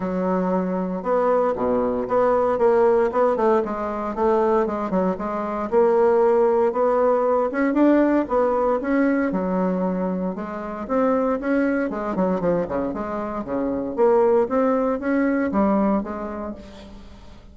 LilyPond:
\new Staff \with { instrumentName = "bassoon" } { \time 4/4 \tempo 4 = 116 fis2 b4 b,4 | b4 ais4 b8 a8 gis4 | a4 gis8 fis8 gis4 ais4~ | ais4 b4. cis'8 d'4 |
b4 cis'4 fis2 | gis4 c'4 cis'4 gis8 fis8 | f8 cis8 gis4 cis4 ais4 | c'4 cis'4 g4 gis4 | }